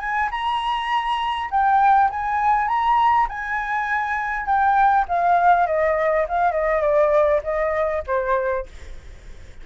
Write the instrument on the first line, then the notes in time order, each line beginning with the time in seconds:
flute
0.00 G#5
0.31 A#5
1.51 G5
2.10 G#5
2.68 A#5
3.29 G#5
4.46 G5
5.08 F5
5.67 D#5
6.29 F5
6.52 D#5
6.82 D5
7.44 D#5
8.07 C5